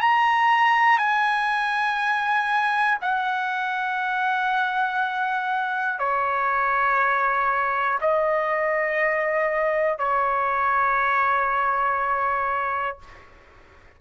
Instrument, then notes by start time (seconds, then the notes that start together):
trumpet
0.00 A#5
0.98 G#5
3.01 F#5
5.99 C#5
8.00 D#5
9.98 C#5